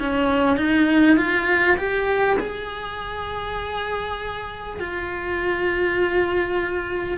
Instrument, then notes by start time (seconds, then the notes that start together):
cello
0.00 C#4
0.57 D#4
1.17 F4
1.78 G4
2.40 G#4
4.80 F4